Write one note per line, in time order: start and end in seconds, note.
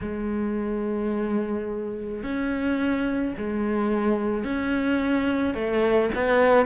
0.01 2.23 G#3
2.23 3.34 C#4
3.37 4.44 G#3
4.44 5.54 C#4
5.54 6.10 A3
6.15 6.66 B3